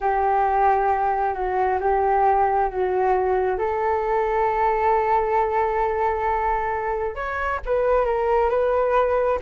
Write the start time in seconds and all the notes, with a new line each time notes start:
0.00 G4
1.34 F#4
1.80 G4
2.69 F#4
3.58 A4
7.15 C#5
7.65 B4
8.05 A#4
8.49 B4